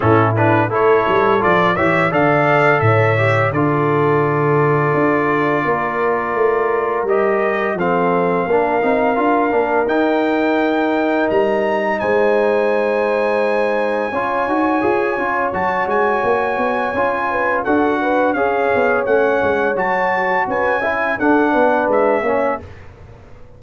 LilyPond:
<<
  \new Staff \with { instrumentName = "trumpet" } { \time 4/4 \tempo 4 = 85 a'8 b'8 cis''4 d''8 e''8 f''4 | e''4 d''2.~ | d''2 dis''4 f''4~ | f''2 g''2 |
ais''4 gis''2.~ | gis''2 a''8 gis''4.~ | gis''4 fis''4 f''4 fis''4 | a''4 gis''4 fis''4 e''4 | }
  \new Staff \with { instrumentName = "horn" } { \time 4/4 e'4 a'4. cis''8 d''4 | cis''4 a'2. | ais'2. a'4 | ais'1~ |
ais'4 c''2. | cis''1~ | cis''8 b'8 a'8 b'8 cis''2~ | cis''4 b'8 e''8 a'8 b'4 cis''8 | }
  \new Staff \with { instrumentName = "trombone" } { \time 4/4 cis'8 d'8 e'4 f'8 g'8 a'4~ | a'8 g'8 f'2.~ | f'2 g'4 c'4 | d'8 dis'8 f'8 d'8 dis'2~ |
dis'1 | f'8 fis'8 gis'8 f'8 fis'2 | f'4 fis'4 gis'4 cis'4 | fis'4. e'8 d'4. cis'8 | }
  \new Staff \with { instrumentName = "tuba" } { \time 4/4 a,4 a8 g8 f8 e8 d4 | a,4 d2 d'4 | ais4 a4 g4 f4 | ais8 c'8 d'8 ais8 dis'2 |
g4 gis2. | cis'8 dis'8 f'8 cis'8 fis8 gis8 ais8 b8 | cis'4 d'4 cis'8 b8 a8 gis8 | fis4 cis'4 d'8 b8 gis8 ais8 | }
>>